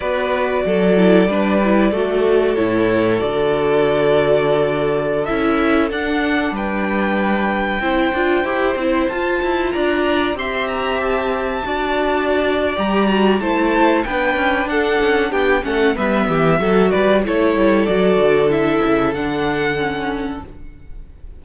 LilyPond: <<
  \new Staff \with { instrumentName = "violin" } { \time 4/4 \tempo 4 = 94 d''1 | cis''4 d''2.~ | d''16 e''4 fis''4 g''4.~ g''16~ | g''2~ g''16 a''4 ais''8.~ |
ais''16 c'''8 ais''8 a''2~ a''8. | ais''4 a''4 g''4 fis''4 | g''8 fis''8 e''4. d''8 cis''4 | d''4 e''4 fis''2 | }
  \new Staff \with { instrumentName = "violin" } { \time 4/4 b'4 a'4 b'4 a'4~ | a'1~ | a'2~ a'16 b'4.~ b'16~ | b'16 c''2. d''8.~ |
d''16 e''2 d''4.~ d''16~ | d''4 c''4 b'4 a'4 | g'8 a'8 b'8 g'8 a'8 b'8 a'4~ | a'1 | }
  \new Staff \with { instrumentName = "viola" } { \time 4/4 fis'4. e'8 d'8 e'8 fis'4 | e'4 fis'2.~ | fis'16 e'4 d'2~ d'8.~ | d'16 e'8 f'8 g'8 e'8 f'4.~ f'16~ |
f'16 g'2 fis'4.~ fis'16 | g'8 fis'8 e'4 d'2~ | d'8 cis'8 b4 fis'4 e'4 | fis'4 e'4 d'4 cis'4 | }
  \new Staff \with { instrumentName = "cello" } { \time 4/4 b4 fis4 g4 a4 | a,4 d2.~ | d16 cis'4 d'4 g4.~ g16~ | g16 c'8 d'8 e'8 c'8 f'8 e'8 d'8.~ |
d'16 c'2 d'4.~ d'16 | g4 a4 b8 cis'8 d'8 cis'8 | b8 a8 g8 e8 fis8 g8 a8 g8 | fis8 d4 cis8 d2 | }
>>